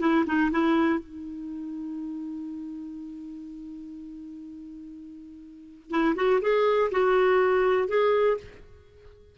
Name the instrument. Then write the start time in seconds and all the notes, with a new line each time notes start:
clarinet
0.00 E4
0.27 D#4
0.52 E4
1.00 D#4
5.91 E4
6.16 F#4
6.42 G#4
6.92 F#4
7.88 G#4